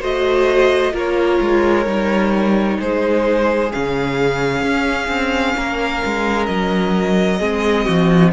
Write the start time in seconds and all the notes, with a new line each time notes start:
0.00 A3 F#4 C5 D#5
0.92 A#3 F4 A#4 C#5
1.41 G#3
1.85 G3 D#4
2.79 G#3 G#4 C5
3.70 C#3 C#4 F5
4.62 C#4
5.08 C4
5.56 A#3 A#4
6.05 G#3
6.46 F#3 D#5
7.39 G#3 C4 G#4
7.85 F3 F#4